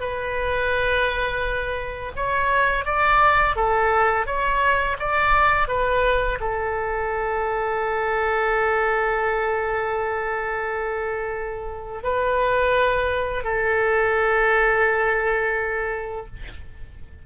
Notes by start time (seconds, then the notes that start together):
0.00 B4
2.15 C#5
2.85 D5
3.55 A4
4.26 C#5
4.99 D5
5.67 B4
6.40 A4
12.02 B4
13.43 A4